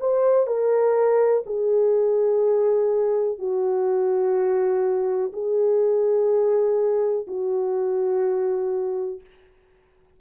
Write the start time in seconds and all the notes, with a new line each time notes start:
0.00 C5
0.47 A#4
1.46 G#4
3.39 F#4
5.33 G#4
7.27 F#4